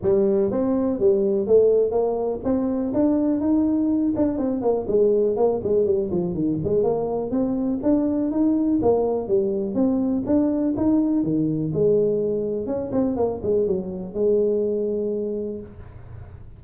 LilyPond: \new Staff \with { instrumentName = "tuba" } { \time 4/4 \tempo 4 = 123 g4 c'4 g4 a4 | ais4 c'4 d'4 dis'4~ | dis'8 d'8 c'8 ais8 gis4 ais8 gis8 | g8 f8 dis8 gis8 ais4 c'4 |
d'4 dis'4 ais4 g4 | c'4 d'4 dis'4 dis4 | gis2 cis'8 c'8 ais8 gis8 | fis4 gis2. | }